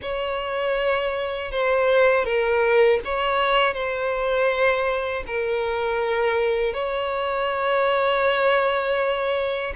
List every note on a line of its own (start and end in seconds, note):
0.02 1.51 C#5
1.51 2.24 C5
2.24 2.99 A#4
3.04 3.73 C#5
3.73 5.23 C5
5.27 6.73 A#4
6.73 9.73 C#5